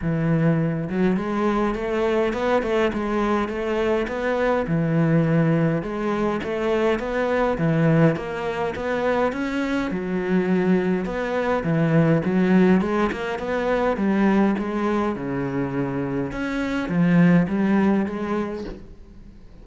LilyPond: \new Staff \with { instrumentName = "cello" } { \time 4/4 \tempo 4 = 103 e4. fis8 gis4 a4 | b8 a8 gis4 a4 b4 | e2 gis4 a4 | b4 e4 ais4 b4 |
cis'4 fis2 b4 | e4 fis4 gis8 ais8 b4 | g4 gis4 cis2 | cis'4 f4 g4 gis4 | }